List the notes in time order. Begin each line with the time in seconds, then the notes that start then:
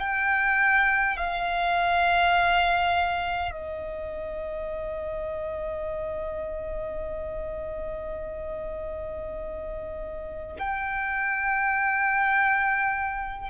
0.00 G5
1.17 F5
3.51 D#5
10.59 G5